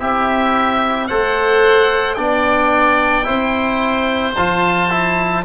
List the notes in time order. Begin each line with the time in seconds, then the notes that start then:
0.00 C4 E4 G4 E5
1.07 A3 A4 C5 F#5
2.14 B3 D4 D5 G5
3.24 C4 E4 C5
4.36 F3 F4 A5
4.90 E4